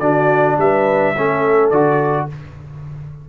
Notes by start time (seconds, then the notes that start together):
0.00 D3 D4 F#4 D5
0.58 G3 B4 E5
1.15 A3 C#4 A4
1.70 D3 F#4 D5